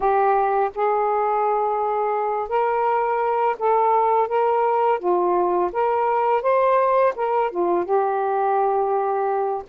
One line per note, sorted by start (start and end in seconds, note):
0.00 0.70 G4
0.74 2.48 G#4
2.48 3.56 A#4
3.58 4.28 A4
4.28 4.99 A#4
4.99 5.70 F4
5.72 6.42 A#4
6.42 7.13 C5
7.15 7.50 A#4
7.50 7.84 F4
7.84 9.63 G4